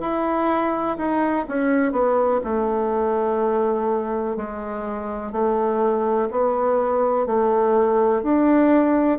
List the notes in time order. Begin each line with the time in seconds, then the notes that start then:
0.00 E4
0.97 D#4
1.48 C#4
1.92 B3
2.44 A3
4.36 G#3
5.32 A3
6.31 B3
7.26 A3
8.23 D4